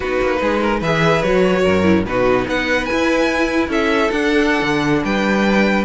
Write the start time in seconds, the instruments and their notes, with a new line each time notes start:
0.00 cello B3, viola D#4, violin F#4 B4
0.21 cello A#3
0.41 cello G#3, violin G#4
0.60 violin A#4
0.79 cello E3, viola G#4, violin B4 E5
1.22 cello F#3, viola F#4, violin C#5
1.62 cello F#2, violin A#4
1.83 viola E4
2.05 cello B2, viola D#4, violin F#4 B4
2.46 cello B3, violin B4 F#5
2.85 viola E4, violin G#5
2.92 cello E4
3.68 cello C#4, violin A4 E5
4.11 cello D4, viola D4, violin F#5
4.62 cello D3
5.04 cello G3, violin B4 G5